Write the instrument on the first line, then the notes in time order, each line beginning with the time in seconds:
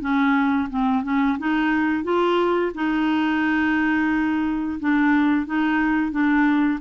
clarinet
0.00 C#4
0.69 C4
1.03 C#4
1.38 D#4
2.04 F4
2.74 D#4
4.79 D4
5.45 D#4
6.11 D4